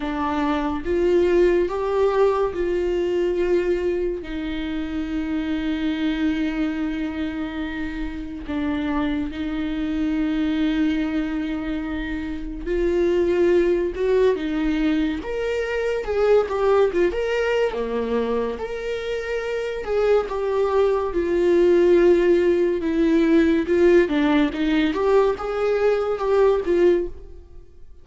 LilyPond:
\new Staff \with { instrumentName = "viola" } { \time 4/4 \tempo 4 = 71 d'4 f'4 g'4 f'4~ | f'4 dis'2.~ | dis'2 d'4 dis'4~ | dis'2. f'4~ |
f'8 fis'8 dis'4 ais'4 gis'8 g'8 | f'16 ais'8. ais4 ais'4. gis'8 | g'4 f'2 e'4 | f'8 d'8 dis'8 g'8 gis'4 g'8 f'8 | }